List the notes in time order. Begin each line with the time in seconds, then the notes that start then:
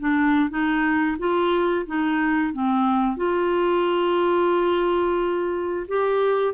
0.00 D4
0.50 D#4
1.19 F4
1.87 D#4
2.54 C4
3.17 F4
5.88 G4